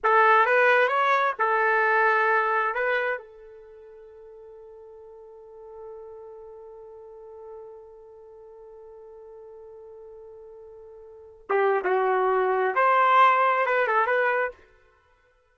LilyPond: \new Staff \with { instrumentName = "trumpet" } { \time 4/4 \tempo 4 = 132 a'4 b'4 cis''4 a'4~ | a'2 b'4 a'4~ | a'1~ | a'1~ |
a'1~ | a'1~ | a'4~ a'16 g'8. fis'2 | c''2 b'8 a'8 b'4 | }